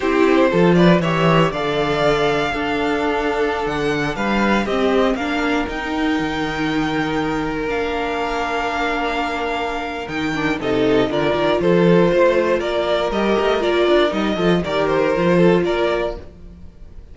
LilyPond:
<<
  \new Staff \with { instrumentName = "violin" } { \time 4/4 \tempo 4 = 119 c''4. d''8 e''4 f''4~ | f''2.~ f''16 fis''8.~ | fis''16 f''4 dis''4 f''4 g''8.~ | g''2.~ g''16 f''8.~ |
f''1 | g''4 dis''4 d''4 c''4~ | c''4 d''4 dis''4 d''4 | dis''4 d''8 c''4. d''4 | }
  \new Staff \with { instrumentName = "violin" } { \time 4/4 g'4 a'8 b'8 cis''4 d''4~ | d''4 a'2.~ | a'16 b'4 g'4 ais'4.~ ais'16~ | ais'1~ |
ais'1~ | ais'4 a'4 ais'4 a'4 | c''4 ais'2.~ | ais'8 a'8 ais'4. a'8 ais'4 | }
  \new Staff \with { instrumentName = "viola" } { \time 4/4 e'4 f'4 g'4 a'4~ | a'4 d'2.~ | d'4~ d'16 c'4 d'4 dis'8.~ | dis'2.~ dis'16 d'8.~ |
d'1 | dis'8 d'8 dis'4 f'2~ | f'2 g'4 f'4 | dis'8 f'8 g'4 f'2 | }
  \new Staff \with { instrumentName = "cello" } { \time 4/4 c'4 f4 e4 d4~ | d4 d'2~ d'16 d8.~ | d16 g4 c'4 ais4 dis'8.~ | dis'16 dis2. ais8.~ |
ais1 | dis4 c4 d8 dis8 f4 | a4 ais4 g8 a8 ais8 d'8 | g8 f8 dis4 f4 ais4 | }
>>